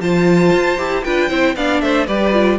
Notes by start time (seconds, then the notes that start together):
0.00 F3 F4 C5 A5
0.53 F4
0.77 E4 G4
1.04 D4 F4 B4 G5
1.29 C4 E4 C5
1.56 B3 D4 D5 F5
1.81 A3 C5 E5
2.06 G3 G4 B4 D5
2.33 F4